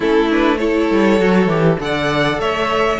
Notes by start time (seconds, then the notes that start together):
0.00 A3 C#4 E4 A4
0.29 D4 B4
0.58 E4 A4 C#5
0.90 G3
1.19 F#3 F#4
1.46 E3 G4
1.79 D3 A4 D5 F#5
2.38 A3 C#5 E5